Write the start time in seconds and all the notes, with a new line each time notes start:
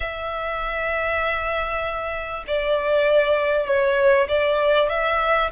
0.00 E5
2.47 D5
3.66 C#5
4.28 D5
4.89 E5